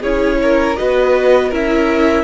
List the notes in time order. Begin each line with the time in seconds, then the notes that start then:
0.00 C#4 E4 G#4 C#5
0.43 A#4
0.77 B3 F#4 B4 D#5
1.49 C#4 E4 A#4 E5